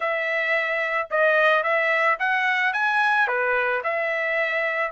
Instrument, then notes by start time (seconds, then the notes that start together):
trumpet
0.00 E5
1.10 D#5
1.63 E5
2.19 F#5
2.73 G#5
3.27 B4
3.83 E5